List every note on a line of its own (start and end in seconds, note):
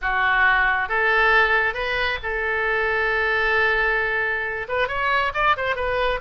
0.01 0.88 F#4
0.88 1.74 A4
1.74 2.18 B4
2.22 4.67 A4
4.68 4.87 B4
4.87 5.32 C#5
5.34 5.56 D5
5.56 5.75 C5
5.75 6.20 B4